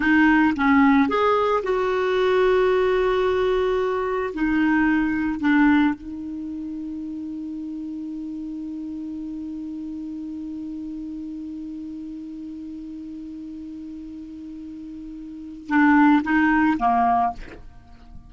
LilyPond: \new Staff \with { instrumentName = "clarinet" } { \time 4/4 \tempo 4 = 111 dis'4 cis'4 gis'4 fis'4~ | fis'1 | dis'2 d'4 dis'4~ | dis'1~ |
dis'1~ | dis'1~ | dis'1~ | dis'4 d'4 dis'4 ais4 | }